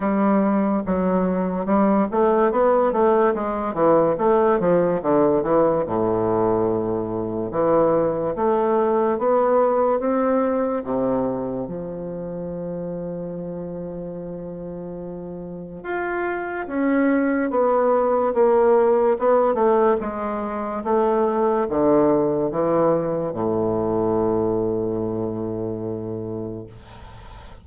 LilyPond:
\new Staff \with { instrumentName = "bassoon" } { \time 4/4 \tempo 4 = 72 g4 fis4 g8 a8 b8 a8 | gis8 e8 a8 f8 d8 e8 a,4~ | a,4 e4 a4 b4 | c'4 c4 f2~ |
f2. f'4 | cis'4 b4 ais4 b8 a8 | gis4 a4 d4 e4 | a,1 | }